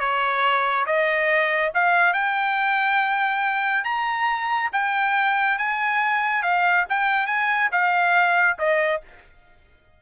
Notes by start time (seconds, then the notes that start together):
0.00 C#5
0.86 D#5
1.75 F5
2.13 G5
3.85 A#5
4.73 G5
5.58 G#5
6.43 F5
6.90 G5
7.27 G#5
7.72 F5
8.59 D#5